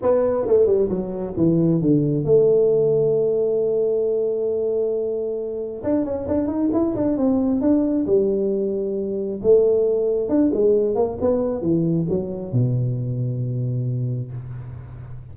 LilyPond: \new Staff \with { instrumentName = "tuba" } { \time 4/4 \tempo 4 = 134 b4 a8 g8 fis4 e4 | d4 a2.~ | a1~ | a4 d'8 cis'8 d'8 dis'8 e'8 d'8 |
c'4 d'4 g2~ | g4 a2 d'8 gis8~ | gis8 ais8 b4 e4 fis4 | b,1 | }